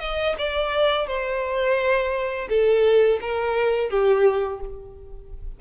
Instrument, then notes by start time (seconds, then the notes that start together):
violin
0.00 D#5
0.39 D5
1.07 C5
2.49 A4
3.21 A#4
3.90 G4